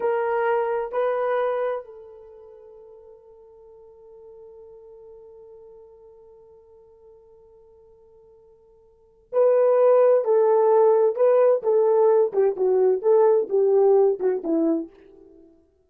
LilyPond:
\new Staff \with { instrumentName = "horn" } { \time 4/4 \tempo 4 = 129 ais'2 b'2 | a'1~ | a'1~ | a'1~ |
a'1 | b'2 a'2 | b'4 a'4. g'8 fis'4 | a'4 g'4. fis'8 e'4 | }